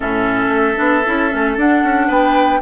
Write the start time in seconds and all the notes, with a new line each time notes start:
0.00 A2 C#4 A4 E5
0.48 A3
0.76 B3 D4
1.06 C#4 E4
1.30 A3 C#4
1.57 D4 F#5
1.83 C#4
2.07 B3 B4 G5